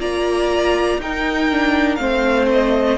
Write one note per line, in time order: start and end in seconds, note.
0.00 0.98 A#3
0.00 1.00 F4
0.00 1.00 D5
0.00 1.01 A#5
0.98 1.98 D#4
0.98 1.51 D#4
0.98 2.01 A#4
0.98 1.95 G5
1.51 1.98 D4
1.95 2.98 A3
1.95 2.98 C4
1.95 2.98 C5
1.95 2.45 F5
2.52 2.98 D#5